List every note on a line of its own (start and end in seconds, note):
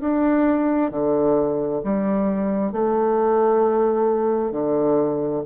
0.00 0.91 D4
0.91 1.82 D3
1.83 2.72 G3
2.72 4.52 A3
4.52 5.43 D3